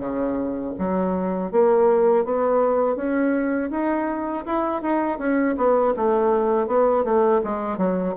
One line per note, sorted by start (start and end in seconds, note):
0.00 0.74 C#3
0.79 1.52 F#3
1.52 2.25 A#3
2.25 2.97 B3
2.97 3.71 C#4
3.71 4.45 D#4
4.46 4.82 E4
4.82 5.19 D#4
5.19 5.56 C#4
5.58 5.95 B3
5.97 6.68 A3
6.68 7.05 B3
7.05 7.42 A3
7.44 7.78 G#3
7.78 8.15 F#3